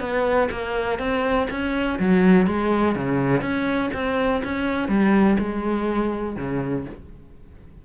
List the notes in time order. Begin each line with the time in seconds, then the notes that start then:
0.00 B3
0.51 A#3
0.99 C4
1.50 C#4
1.99 F#3
2.47 G#3
2.95 C#3
3.41 C#4
3.94 C4
4.44 C#4
4.88 G3
5.39 G#3
6.36 C#3